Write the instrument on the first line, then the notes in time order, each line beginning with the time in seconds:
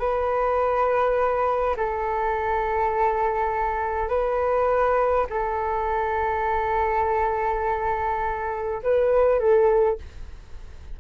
flute
0.00 B4
1.77 A4
4.09 B4
5.30 A4
8.83 B4
9.40 A4